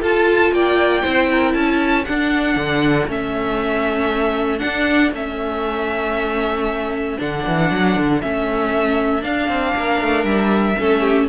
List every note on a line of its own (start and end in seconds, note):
0.00 1.02 F4
0.00 0.51 F4
0.00 0.52 A4
0.00 0.53 A5
0.51 1.03 A#3
0.51 1.02 D5
0.51 1.53 G5
1.02 1.54 C4
1.02 2.05 E4
1.02 1.28 C5
1.32 1.55 A#4
1.53 2.05 C#4
1.53 9.75 A4
1.53 2.04 A5
2.05 3.08 D4
2.05 2.56 D4
2.05 3.07 F#5
2.56 3.07 D3
3.07 4.61 A3
3.07 4.58 C#4
3.07 4.59 E5
4.58 5.09 D4
4.58 5.12 D4
4.58 5.10 F#5
5.12 7.17 A3
5.12 7.18 C#4
5.12 7.20 E5
7.18 7.45 D3
7.18 8.20 D4
7.18 8.21 F#5
7.46 7.71 E3
7.71 7.96 F#3
7.96 8.21 D3
8.21 9.23 A3
8.21 9.21 C#4
8.21 9.23 E5
9.21 10.74 D4
9.21 9.48 D4
9.21 10.25 F5
9.48 9.73 C4
9.75 10.01 A#3
9.75 10.78 A#4
10.01 10.23 A3
10.23 10.75 G3
10.23 11.27 E5
10.78 11.29 A3
10.78 11.29 C#4
10.78 11.00 A4
11.00 11.26 G4